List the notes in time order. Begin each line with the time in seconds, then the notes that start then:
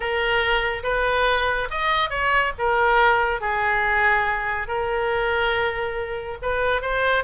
0.00 A#4
0.83 B4
1.70 D#5
2.09 C#5
2.58 A#4
3.40 G#4
4.67 A#4
6.42 B4
6.81 C5